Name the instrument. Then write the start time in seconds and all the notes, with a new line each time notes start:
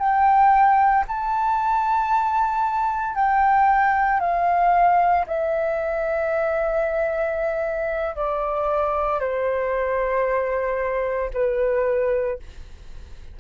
flute
0.00 G5
1.08 A5
3.16 G5
4.21 F5
5.27 E5
8.16 D5
9.21 C5
11.34 B4